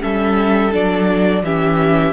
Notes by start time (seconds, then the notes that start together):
0.00 G3 C#4 A4 E5
0.72 F#3 D4 D5
1.42 E3 C#4 G4 E5